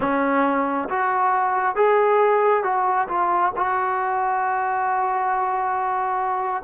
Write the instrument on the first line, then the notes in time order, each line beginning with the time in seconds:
trombone
0.00 C#4
0.89 F#4
1.75 G#4
2.63 F#4
3.08 F4
3.56 F#4